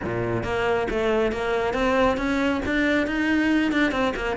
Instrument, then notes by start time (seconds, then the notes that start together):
cello
0.04 A#2
0.43 A#3
0.90 A3
1.32 A#3
1.73 C4
2.17 C#4
2.65 D4
3.07 D#4
3.72 D4
3.91 C4
4.16 A#3